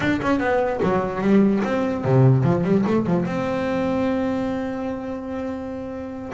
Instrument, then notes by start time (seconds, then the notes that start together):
double bass
0.00 D4
0.22 C#4
0.39 B3
0.83 F#3
1.21 G3
1.64 C4
2.04 C3
2.43 F3
2.64 G3
2.86 A3
3.06 F3
3.25 C4